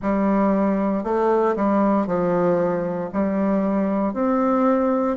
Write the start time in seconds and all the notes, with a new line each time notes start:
0.01 G3
1.03 A3
1.56 G3
2.06 F3
3.12 G3
4.13 C4